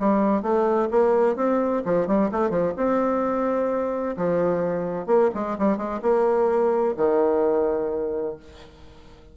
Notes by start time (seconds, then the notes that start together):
0.00 G3
0.42 A3
0.91 A#3
1.36 C4
1.86 F3
2.08 G3
2.32 A3
2.50 F3
2.77 C4
4.17 F3
5.07 A#3
5.35 G#3
5.59 G3
5.77 G#3
6.02 A#3
6.97 D#3